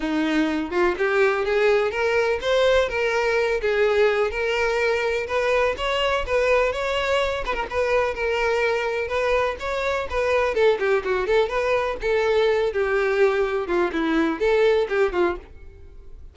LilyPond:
\new Staff \with { instrumentName = "violin" } { \time 4/4 \tempo 4 = 125 dis'4. f'8 g'4 gis'4 | ais'4 c''4 ais'4. gis'8~ | gis'4 ais'2 b'4 | cis''4 b'4 cis''4. b'16 ais'16 |
b'4 ais'2 b'4 | cis''4 b'4 a'8 g'8 fis'8 a'8 | b'4 a'4. g'4.~ | g'8 f'8 e'4 a'4 g'8 f'8 | }